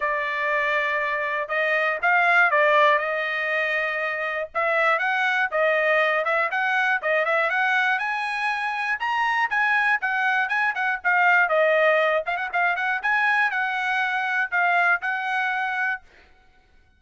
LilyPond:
\new Staff \with { instrumentName = "trumpet" } { \time 4/4 \tempo 4 = 120 d''2. dis''4 | f''4 d''4 dis''2~ | dis''4 e''4 fis''4 dis''4~ | dis''8 e''8 fis''4 dis''8 e''8 fis''4 |
gis''2 ais''4 gis''4 | fis''4 gis''8 fis''8 f''4 dis''4~ | dis''8 f''16 fis''16 f''8 fis''8 gis''4 fis''4~ | fis''4 f''4 fis''2 | }